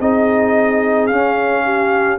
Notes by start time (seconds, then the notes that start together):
0.00 C4 D#4 G#4 D#5
1.07 C#4 F5
1.64 G4